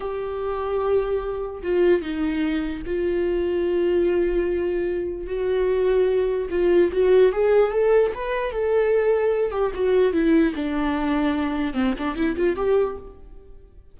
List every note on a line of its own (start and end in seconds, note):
0.00 1.62 G4
1.63 2.01 F4
2.01 2.82 D#4
2.85 5.26 F4
5.26 6.48 F#4
6.50 6.91 F4
6.92 7.32 F#4
7.32 7.71 G#4
7.71 8.12 A4
8.14 8.51 B4
8.51 9.51 A4
9.51 9.71 G4
9.74 10.13 F#4
10.13 10.53 E4
10.55 11.73 D4
11.73 11.94 C4
11.98 12.15 D4
12.15 12.36 E4
12.36 12.56 F4
12.56 12.96 G4